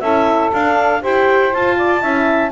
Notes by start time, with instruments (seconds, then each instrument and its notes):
0.00 double bass C#4, horn E4, saxophone A4, clarinet E5
0.53 double bass D4, horn D4, clarinet F5
1.02 double bass E4, horn G4, saxophone C5, clarinet G5
1.53 horn F4, double bass F4, clarinet A5
1.77 saxophone D5
2.01 double bass C#4, horn E4, saxophone E5